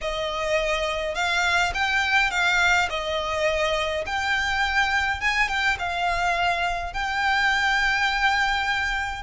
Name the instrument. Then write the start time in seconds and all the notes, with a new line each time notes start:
violin
0.01 D#5
1.15 F5
1.74 G5
2.31 F5
2.89 D#5
4.05 G5
5.21 G#5
5.48 G5
5.78 F5
6.93 G5